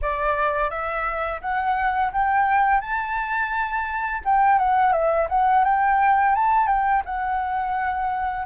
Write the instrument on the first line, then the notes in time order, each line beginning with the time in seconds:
flute
0.01 D5
0.70 E5
1.41 F#5
2.12 G5
2.80 A5
4.24 G5
4.58 F#5
4.92 E5
5.29 F#5
5.64 G5
6.35 A5
6.67 G5
7.05 F#5